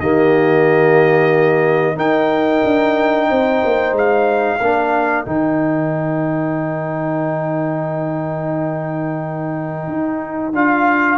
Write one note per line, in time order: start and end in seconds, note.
0.00 1.96 D#3
0.00 1.96 A#3
0.00 1.96 G4
0.00 1.98 D#5
1.96 4.60 D#4
1.96 2.62 D#4
1.96 3.28 A#4
1.96 3.97 G5
2.64 3.30 D4
3.30 3.64 C4
3.30 4.60 C5
3.66 3.92 A#3
3.92 4.58 G#3
3.92 5.26 F5
4.60 5.26 A#3
4.60 5.26 D4
4.60 11.18 A#4
5.26 9.87 D#3
5.26 10.53 D#4
5.26 10.53 G5
9.87 10.53 D#4
10.53 11.18 D4
10.53 11.18 F4
10.53 11.18 F5